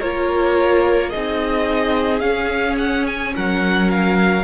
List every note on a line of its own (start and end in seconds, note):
0.00 1.13 A#3
0.00 1.13 F4
0.00 1.10 A#4
0.00 1.10 C#5
1.10 2.21 C4
1.10 2.21 D#4
1.10 3.32 G#4
1.10 2.20 D#5
2.20 4.43 C#4
2.20 3.32 C#4
2.20 2.75 F5
2.78 3.06 F#5
3.06 3.34 G#5
3.35 4.43 F#3
3.35 4.43 A#4
3.35 3.90 F#5
3.90 4.43 F5